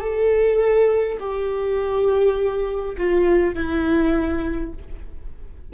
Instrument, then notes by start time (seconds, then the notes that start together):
viola
0.00 A4
1.20 G4
2.97 F4
3.55 E4